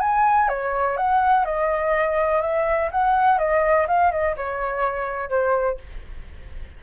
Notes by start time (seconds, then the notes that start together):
0.00 G#5
0.48 C#5
0.97 F#5
1.45 D#5
2.41 E5
2.91 F#5
3.38 D#5
3.88 F5
4.11 D#5
4.36 C#5
5.29 C5